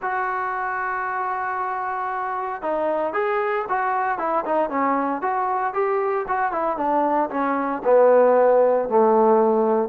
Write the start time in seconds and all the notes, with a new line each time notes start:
0.02 F#4
2.62 D#4
3.13 G#4
3.68 F#4
4.18 E4
4.45 D#4
4.69 C#4
5.21 F#4
5.73 G4
6.28 F#4
6.52 E4
6.77 D4
7.30 C#4
7.84 B3
8.88 A3